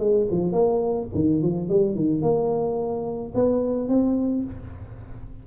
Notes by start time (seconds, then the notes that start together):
0.00 G#3
0.32 F3
0.53 A#3
1.15 D#3
1.43 F3
1.70 G3
1.96 D#3
2.22 A#3
3.35 B3
3.89 C4